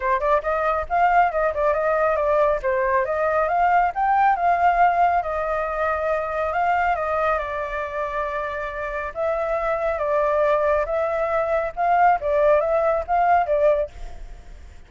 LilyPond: \new Staff \with { instrumentName = "flute" } { \time 4/4 \tempo 4 = 138 c''8 d''8 dis''4 f''4 dis''8 d''8 | dis''4 d''4 c''4 dis''4 | f''4 g''4 f''2 | dis''2. f''4 |
dis''4 d''2.~ | d''4 e''2 d''4~ | d''4 e''2 f''4 | d''4 e''4 f''4 d''4 | }